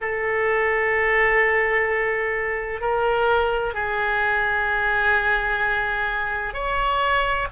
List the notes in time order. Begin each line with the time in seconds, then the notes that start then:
0.01 A4
2.80 A#4
3.73 G#4
6.53 C#5